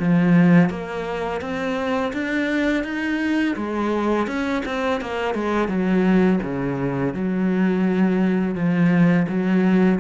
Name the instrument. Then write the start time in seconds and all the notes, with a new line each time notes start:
cello
0.00 F3
0.70 A#3
1.41 C4
2.13 D4
2.84 D#4
3.56 G#3
4.28 C#4
4.66 C4
5.01 A#3
5.35 G#3
5.69 F#3
6.43 C#3
7.15 F#3
8.56 F3
9.29 F#3